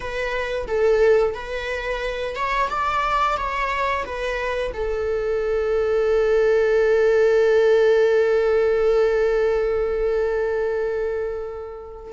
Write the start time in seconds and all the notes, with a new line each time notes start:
0.00 B4
0.67 A4
1.34 B4
2.35 C#5
2.69 D5
3.37 C#5
4.04 B4
4.73 A4